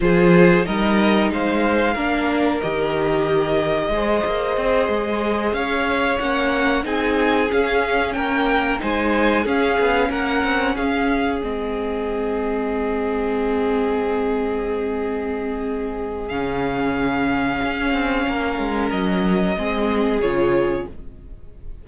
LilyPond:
<<
  \new Staff \with { instrumentName = "violin" } { \time 4/4 \tempo 4 = 92 c''4 dis''4 f''2 | dis''1~ | dis''8 f''4 fis''4 gis''4 f''8~ | f''8 g''4 gis''4 f''4 fis''8~ |
fis''8 f''4 dis''2~ dis''8~ | dis''1~ | dis''4 f''2.~ | f''4 dis''2 cis''4 | }
  \new Staff \with { instrumentName = "violin" } { \time 4/4 gis'4 ais'4 c''4 ais'4~ | ais'2 c''2~ | c''8 cis''2 gis'4.~ | gis'8 ais'4 c''4 gis'4 ais'8~ |
ais'8 gis'2.~ gis'8~ | gis'1~ | gis'1 | ais'2 gis'2 | }
  \new Staff \with { instrumentName = "viola" } { \time 4/4 f'4 dis'2 d'4 | g'2 gis'2~ | gis'4. cis'4 dis'4 cis'8~ | cis'4. dis'4 cis'4.~ |
cis'4. c'2~ c'8~ | c'1~ | c'4 cis'2.~ | cis'2 c'4 f'4 | }
  \new Staff \with { instrumentName = "cello" } { \time 4/4 f4 g4 gis4 ais4 | dis2 gis8 ais8 c'8 gis8~ | gis8 cis'4 ais4 c'4 cis'8~ | cis'8 ais4 gis4 cis'8 b8 ais8 |
c'8 cis'4 gis2~ gis8~ | gis1~ | gis4 cis2 cis'8 c'8 | ais8 gis8 fis4 gis4 cis4 | }
>>